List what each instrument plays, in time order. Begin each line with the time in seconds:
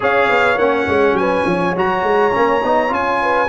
0.00 tuba C#4, trombone G#4, horn C#5, trumpet F5
0.29 tuba B3
0.57 tuba A#3, trombone C#4, trumpet F#5
0.87 tuba G#3
1.13 tuba F#3, trumpet G#5
1.19 horn B4
1.45 tuba F3, horn C#5
1.76 tuba F#3, trombone F#4, trumpet A#5
2.03 tuba G#3
2.31 tuba A#3, trombone C#4
2.63 tuba B3, trombone D#4
2.88 tuba C#4, trombone F4, trumpet G#5
3.21 horn B4